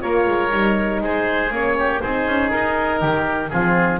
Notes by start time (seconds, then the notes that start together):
0.00 A#3 F4 A#4 C#5
0.27 G#3
0.50 G3 D#4
1.01 G#3 G#4 C5
1.51 A#3 C#4 C#5
1.78 G4
2.01 C4 D#4 G#4 C5
2.27 C#4
2.51 D#4 A#4
3.00 D#3 G4
3.50 F3 C4 F4 G#4